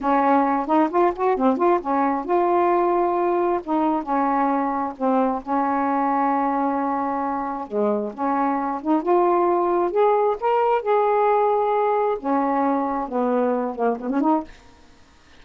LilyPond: \new Staff \with { instrumentName = "saxophone" } { \time 4/4 \tempo 4 = 133 cis'4. dis'8 f'8 fis'8 c'8 f'8 | cis'4 f'2. | dis'4 cis'2 c'4 | cis'1~ |
cis'4 gis4 cis'4. dis'8 | f'2 gis'4 ais'4 | gis'2. cis'4~ | cis'4 b4. ais8 b16 cis'16 dis'8 | }